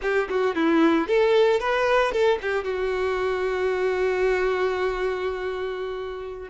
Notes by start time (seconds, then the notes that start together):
0.01 G4
0.29 F#4
0.55 E4
1.07 A4
1.60 B4
2.12 A4
2.41 G4
2.64 F#4